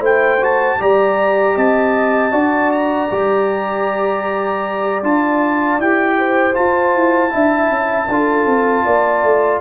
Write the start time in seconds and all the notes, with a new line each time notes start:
0.00 A3 E4 C5 G5
0.41 F#4 A5
0.80 G3 G4 D5 A#5
1.56 C4 D#5 A5
2.32 D4 F#4 D5
2.72 A#5
3.11 G3 G4
5.03 D4 F4 A5
5.79 E4 G4 G5
6.18 C5
6.53 F4 A5
6.95 E4
7.30 D4 E4 E5
7.70 C#4
8.08 D4 F4 A4
8.46 C4
8.85 A#3 D5
9.23 A3